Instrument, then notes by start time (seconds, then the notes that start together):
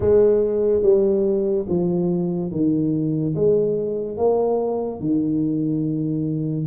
tuba
0.00 G#3
0.82 G3
1.69 F3
2.51 D#3
3.35 G#3
4.17 A#3
5.00 D#3